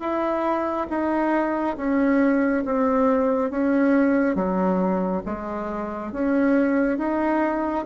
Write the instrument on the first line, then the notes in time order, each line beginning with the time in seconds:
bassoon
0.00 E4
0.90 D#4
1.77 C#4
2.66 C4
3.51 C#4
4.36 F#3
5.26 G#3
6.12 C#4
6.98 D#4